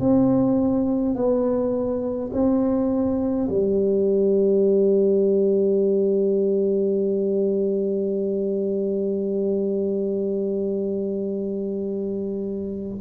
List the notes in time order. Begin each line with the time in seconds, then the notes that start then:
0.00 C4
1.15 B3
2.33 C4
3.49 G3